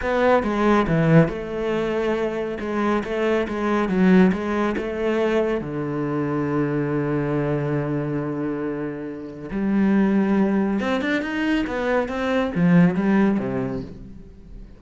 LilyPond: \new Staff \with { instrumentName = "cello" } { \time 4/4 \tempo 4 = 139 b4 gis4 e4 a4~ | a2 gis4 a4 | gis4 fis4 gis4 a4~ | a4 d2.~ |
d1~ | d2 g2~ | g4 c'8 d'8 dis'4 b4 | c'4 f4 g4 c4 | }